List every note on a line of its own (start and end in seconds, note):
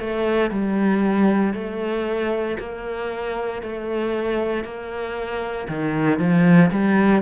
0.00 0.51 A3
0.51 1.54 G3
1.54 2.58 A3
2.59 3.62 A#3
3.62 4.64 A3
4.64 5.68 A#3
5.69 6.19 D#3
6.19 6.71 F3
6.71 7.22 G3